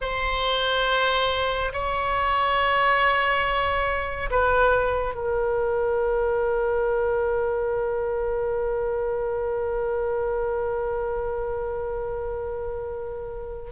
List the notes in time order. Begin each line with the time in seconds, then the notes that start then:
0.01 C5
1.72 C#5
4.30 B4
5.14 A#4